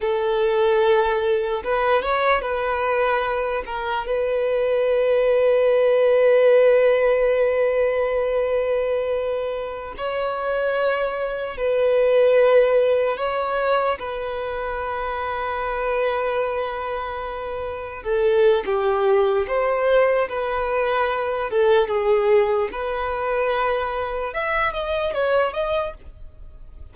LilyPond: \new Staff \with { instrumentName = "violin" } { \time 4/4 \tempo 4 = 74 a'2 b'8 cis''8 b'4~ | b'8 ais'8 b'2.~ | b'1~ | b'16 cis''2 b'4.~ b'16~ |
b'16 cis''4 b'2~ b'8.~ | b'2~ b'16 a'8. g'4 | c''4 b'4. a'8 gis'4 | b'2 e''8 dis''8 cis''8 dis''8 | }